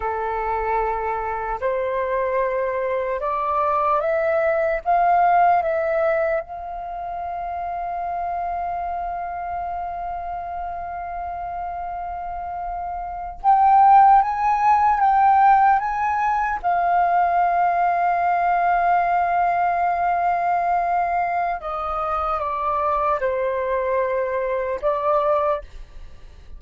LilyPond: \new Staff \with { instrumentName = "flute" } { \time 4/4 \tempo 4 = 75 a'2 c''2 | d''4 e''4 f''4 e''4 | f''1~ | f''1~ |
f''8. g''4 gis''4 g''4 gis''16~ | gis''8. f''2.~ f''16~ | f''2. dis''4 | d''4 c''2 d''4 | }